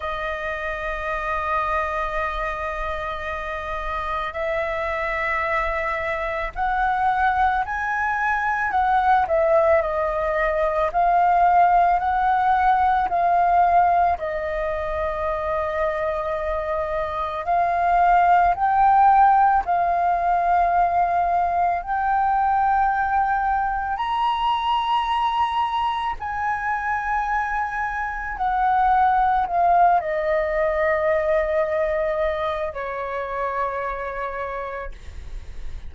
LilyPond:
\new Staff \with { instrumentName = "flute" } { \time 4/4 \tempo 4 = 55 dis''1 | e''2 fis''4 gis''4 | fis''8 e''8 dis''4 f''4 fis''4 | f''4 dis''2. |
f''4 g''4 f''2 | g''2 ais''2 | gis''2 fis''4 f''8 dis''8~ | dis''2 cis''2 | }